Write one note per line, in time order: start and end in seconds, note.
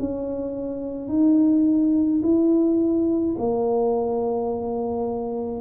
0.00 1.08 C#4
1.08 2.21 D#4
2.23 3.36 E4
3.39 5.61 A#3